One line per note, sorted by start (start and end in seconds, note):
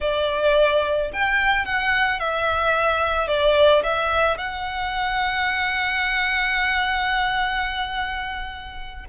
0.01 1.11 D5
1.12 1.65 G5
1.65 2.19 F#5
2.19 3.27 E5
3.27 3.82 D5
3.83 4.37 E5
4.37 9.05 F#5